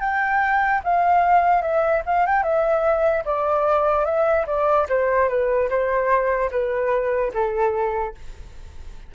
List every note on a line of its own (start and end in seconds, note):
0.00 0.81 G5
0.84 1.61 F5
1.61 2.02 E5
2.06 2.26 F5
2.26 2.43 G5
2.43 3.24 E5
3.25 4.05 D5
4.05 4.46 E5
4.47 4.87 D5
4.89 5.29 C5
5.29 5.69 B4
5.69 6.50 C5
6.51 7.32 B4
7.33 8.14 A4